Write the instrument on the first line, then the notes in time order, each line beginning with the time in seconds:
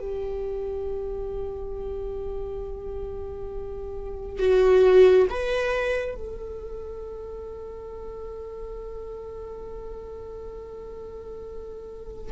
viola
0.00 G4
4.39 F#4
5.30 B4
6.16 A4